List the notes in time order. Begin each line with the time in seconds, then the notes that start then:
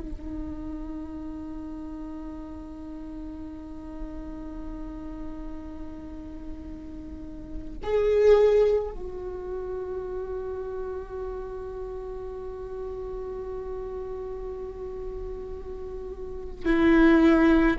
0.00 D#4
7.83 G#4
8.91 F#4
16.65 E4